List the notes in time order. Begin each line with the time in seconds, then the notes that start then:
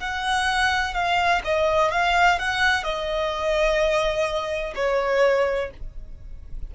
0.00 F#5
0.94 F5
1.44 D#5
1.91 F5
2.39 F#5
2.84 D#5
4.75 C#5